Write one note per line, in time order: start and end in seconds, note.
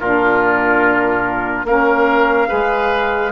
0.00 1.64 A#2
0.00 1.67 D4
0.00 1.67 F4
0.00 1.67 A#4
1.64 2.48 A#3
1.64 2.47 C#4
1.64 2.48 A#4
1.64 3.32 F5
2.47 3.32 G#3
2.47 3.31 G#4
2.47 3.32 B4